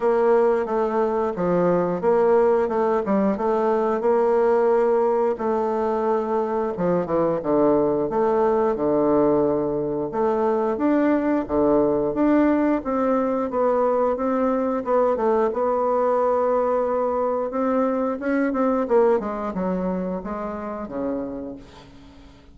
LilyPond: \new Staff \with { instrumentName = "bassoon" } { \time 4/4 \tempo 4 = 89 ais4 a4 f4 ais4 | a8 g8 a4 ais2 | a2 f8 e8 d4 | a4 d2 a4 |
d'4 d4 d'4 c'4 | b4 c'4 b8 a8 b4~ | b2 c'4 cis'8 c'8 | ais8 gis8 fis4 gis4 cis4 | }